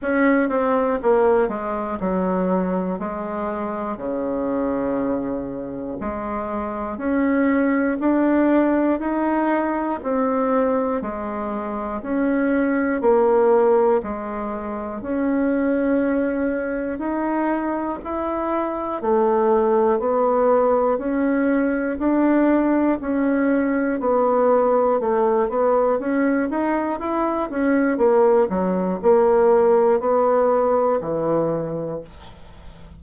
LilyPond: \new Staff \with { instrumentName = "bassoon" } { \time 4/4 \tempo 4 = 60 cis'8 c'8 ais8 gis8 fis4 gis4 | cis2 gis4 cis'4 | d'4 dis'4 c'4 gis4 | cis'4 ais4 gis4 cis'4~ |
cis'4 dis'4 e'4 a4 | b4 cis'4 d'4 cis'4 | b4 a8 b8 cis'8 dis'8 e'8 cis'8 | ais8 fis8 ais4 b4 e4 | }